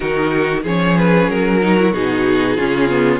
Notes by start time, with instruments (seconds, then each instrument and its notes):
0.00 cello D#3, viola D#4, violin F#4 A#4
0.62 cello F3, viola C#4, violin G#4 C#5
0.97 violin B4
1.28 cello F#3, violin A#4
1.61 viola D#4, violin F#4
1.78 viola E4
1.92 cello B2, viola D#4, violin G#4
2.56 cello C#3, viola C#4, violin F4
2.89 viola B3